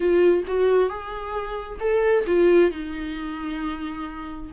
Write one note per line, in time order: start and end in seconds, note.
0.00 0.44 F4
0.47 0.89 F#4
0.89 1.79 G#4
1.79 2.25 A4
2.26 2.70 F4
2.70 4.51 D#4